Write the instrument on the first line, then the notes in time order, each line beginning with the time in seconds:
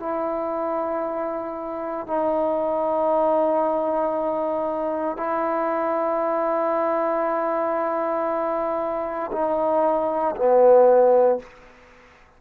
trombone
0.00 E4
2.07 D#4
5.17 E4
9.32 D#4
10.36 B3